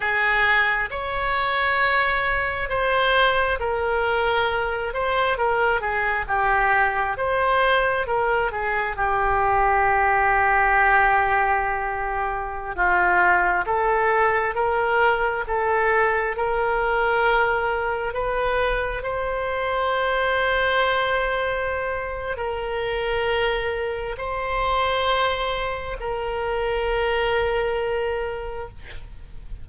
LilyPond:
\new Staff \with { instrumentName = "oboe" } { \time 4/4 \tempo 4 = 67 gis'4 cis''2 c''4 | ais'4. c''8 ais'8 gis'8 g'4 | c''4 ais'8 gis'8 g'2~ | g'2~ g'16 f'4 a'8.~ |
a'16 ais'4 a'4 ais'4.~ ais'16~ | ais'16 b'4 c''2~ c''8.~ | c''4 ais'2 c''4~ | c''4 ais'2. | }